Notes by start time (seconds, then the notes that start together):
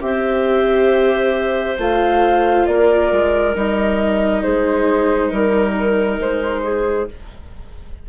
0.00 C4 G4 C5 E5
1.78 A3 F4 F5
2.66 A#3 A#4 D5
3.11 G#3
3.54 G3 D#4 D#5
4.42 G#3 G#4 C5
5.30 G3 A#4
6.19 G#3 C5
6.63 G#4